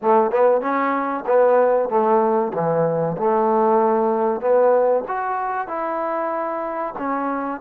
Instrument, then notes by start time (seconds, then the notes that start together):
trombone
0.02 A3
0.31 B3
0.61 C#4
1.26 B3
1.89 A3
2.53 E3
3.18 A3
4.40 B3
5.08 F#4
5.67 E4
6.98 C#4